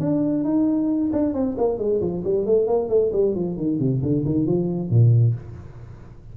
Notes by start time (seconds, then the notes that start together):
0.00 D4
0.44 D#4
1.13 D4
1.34 C4
1.58 A#3
1.78 G#3
2.01 F3
2.24 G3
2.46 A3
2.67 A#3
2.89 A3
3.13 G3
3.35 F3
3.57 D#3
3.79 C3
4.02 D3
4.26 D#3
4.47 F3
4.90 A#2